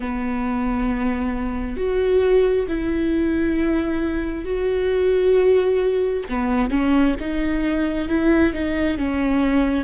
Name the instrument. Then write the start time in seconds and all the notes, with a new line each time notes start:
viola
0.00 B3
1.77 F#4
2.68 E4
4.44 F#4
6.29 B3
6.70 C#4
7.19 D#4
8.08 E4
8.53 D#4
8.98 C#4